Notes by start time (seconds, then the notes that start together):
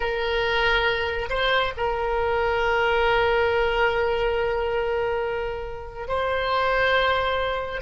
0.00 A#4
1.29 C5
1.77 A#4
6.08 C5